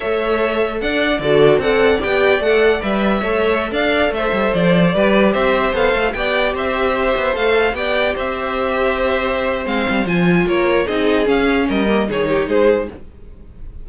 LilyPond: <<
  \new Staff \with { instrumentName = "violin" } { \time 4/4 \tempo 4 = 149 e''2 fis''4 d''4 | fis''4 g''4 fis''4 e''4~ | e''4~ e''16 f''4 e''4 d''8.~ | d''4~ d''16 e''4 f''4 g''8.~ |
g''16 e''2 f''4 g''8.~ | g''16 e''2.~ e''8. | f''4 gis''4 cis''4 dis''4 | f''4 dis''4 cis''4 c''4 | }
  \new Staff \with { instrumentName = "violin" } { \time 4/4 cis''2 d''4 a'4 | d''1 | cis''4~ cis''16 d''4 c''4.~ c''16~ | c''16 b'4 c''2 d''8.~ |
d''16 c''2. d''8.~ | d''16 c''2.~ c''8.~ | c''2 ais'4 gis'4~ | gis'4 ais'4 gis'8 g'8 gis'4 | }
  \new Staff \with { instrumentName = "viola" } { \time 4/4 a'2. fis'4 | a'4 g'4 a'4 b'4 | a'1~ | a'16 g'2 a'4 g'8.~ |
g'2~ g'16 a'4 g'8.~ | g'1 | c'4 f'2 dis'4 | cis'4. ais8 dis'2 | }
  \new Staff \with { instrumentName = "cello" } { \time 4/4 a2 d'4 d4 | c'4 b4 a4 g4 | a4~ a16 d'4 a8 g8 f8.~ | f16 g4 c'4 b8 a8 b8.~ |
b16 c'4. b8 a4 b8.~ | b16 c'2.~ c'8. | gis8 g8 f4 ais4 c'4 | cis'4 g4 dis4 gis4 | }
>>